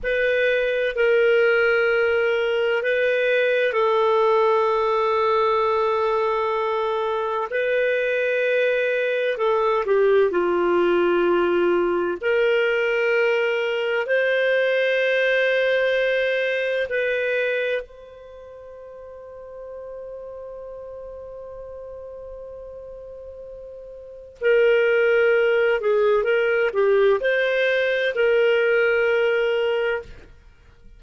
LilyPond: \new Staff \with { instrumentName = "clarinet" } { \time 4/4 \tempo 4 = 64 b'4 ais'2 b'4 | a'1 | b'2 a'8 g'8 f'4~ | f'4 ais'2 c''4~ |
c''2 b'4 c''4~ | c''1~ | c''2 ais'4. gis'8 | ais'8 g'8 c''4 ais'2 | }